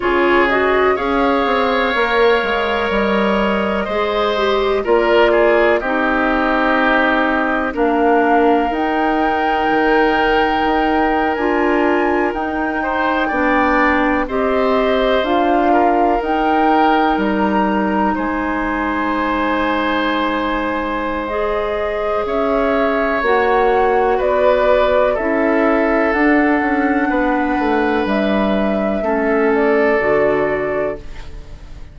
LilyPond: <<
  \new Staff \with { instrumentName = "flute" } { \time 4/4 \tempo 4 = 62 cis''8 dis''8 f''2 dis''4~ | dis''4 d''4 dis''2 | f''4 g''2~ g''8. gis''16~ | gis''8. g''2 dis''4 f''16~ |
f''8. g''4 ais''4 gis''4~ gis''16~ | gis''2 dis''4 e''4 | fis''4 d''4 e''4 fis''4~ | fis''4 e''4. d''4. | }
  \new Staff \with { instrumentName = "oboe" } { \time 4/4 gis'4 cis''2. | c''4 ais'8 gis'8 g'2 | ais'1~ | ais'4~ ais'16 c''8 d''4 c''4~ c''16~ |
c''16 ais'2~ ais'8 c''4~ c''16~ | c''2. cis''4~ | cis''4 b'4 a'2 | b'2 a'2 | }
  \new Staff \with { instrumentName = "clarinet" } { \time 4/4 f'8 fis'8 gis'4 ais'2 | gis'8 g'8 f'4 dis'2 | d'4 dis'2~ dis'8. f'16~ | f'8. dis'4 d'4 g'4 f'16~ |
f'8. dis'2.~ dis'16~ | dis'2 gis'2 | fis'2 e'4 d'4~ | d'2 cis'4 fis'4 | }
  \new Staff \with { instrumentName = "bassoon" } { \time 4/4 cis4 cis'8 c'8 ais8 gis8 g4 | gis4 ais4 c'2 | ais4 dis'4 dis4 dis'8. d'16~ | d'8. dis'4 b4 c'4 d'16~ |
d'8. dis'4 g4 gis4~ gis16~ | gis2. cis'4 | ais4 b4 cis'4 d'8 cis'8 | b8 a8 g4 a4 d4 | }
>>